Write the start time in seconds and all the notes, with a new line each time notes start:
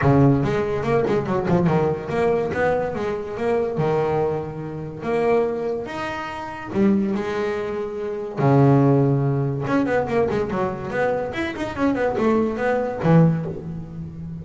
0.01 C#3
0.43 G#3
0.83 A#3
1.07 G#3
1.25 F#3
1.47 F3
1.66 D#3
2.09 A#3
2.53 B3
2.95 G#3
3.37 A#3
3.77 D#3
5.02 A#3
5.86 D#4
6.72 G3
7.14 G#3
8.38 C#3
9.67 C#4
9.86 B3
10.07 A#3
10.30 G#3
10.50 F#3
10.90 B3
11.33 E4
11.56 D#4
11.76 C#4
11.94 B3
12.17 A3
12.57 B3
13.03 E3